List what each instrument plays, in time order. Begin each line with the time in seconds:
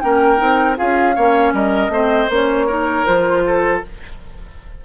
0.00 bassoon A#3, clarinet C#4, oboe A#4, flute G5
0.37 bassoon C4, clarinet D#4
0.76 bassoon C#4, clarinet F4, oboe G#4, flute F5
1.15 bassoon A#3, clarinet C#4, oboe C#5
1.52 bassoon G3, oboe A#4, flute D#5
1.88 bassoon A3, clarinet C4, oboe C5
2.29 bassoon A#3, clarinet C#4, flute C#5
2.66 clarinet D#4, oboe A#4
3.05 bassoon F3, clarinet F4, flute C5
3.46 oboe A4